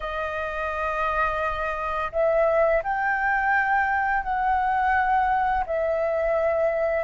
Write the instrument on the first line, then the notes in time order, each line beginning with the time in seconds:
flute
0.00 D#5
2.12 E5
2.83 G5
4.23 F#5
5.66 E5